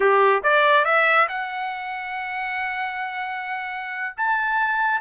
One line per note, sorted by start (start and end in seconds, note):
0.00 0.42 G4
0.43 0.84 D5
0.84 1.27 E5
1.28 4.15 F#5
4.16 5.00 A5